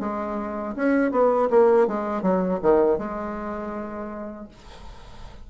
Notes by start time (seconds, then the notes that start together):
0.00 G#3
0.76 C#4
1.12 B3
1.50 A#3
1.88 G#3
2.23 F#3
2.62 D#3
2.99 G#3